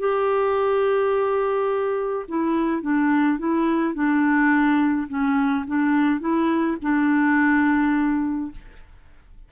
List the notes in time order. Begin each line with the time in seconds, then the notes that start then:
0.00 G4
2.28 E4
2.82 D4
3.39 E4
3.94 D4
5.09 C#4
5.67 D4
6.21 E4
6.82 D4